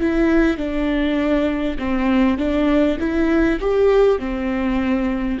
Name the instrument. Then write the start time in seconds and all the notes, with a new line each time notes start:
viola
0.00 E4
0.57 D4
1.78 C4
2.38 D4
2.99 E4
3.60 G4
4.18 C4